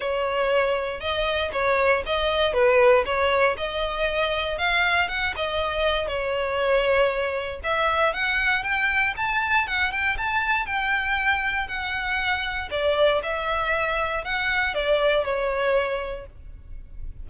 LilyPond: \new Staff \with { instrumentName = "violin" } { \time 4/4 \tempo 4 = 118 cis''2 dis''4 cis''4 | dis''4 b'4 cis''4 dis''4~ | dis''4 f''4 fis''8 dis''4. | cis''2. e''4 |
fis''4 g''4 a''4 fis''8 g''8 | a''4 g''2 fis''4~ | fis''4 d''4 e''2 | fis''4 d''4 cis''2 | }